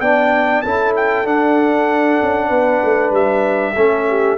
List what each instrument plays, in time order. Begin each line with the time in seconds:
0.00 tuba B3, trombone D4, horn D5, trumpet G5
0.61 tuba C#4, trombone E4, horn A4, trumpet A5
0.96 trumpet G5
1.24 tuba D4, trombone D4, trumpet F#5
2.21 tuba C#4
2.48 tuba B3, horn B4
2.84 tuba A3
3.10 tuba G3, trumpet E5
3.75 tuba A3, trombone C#4, horn A4
4.08 horn G4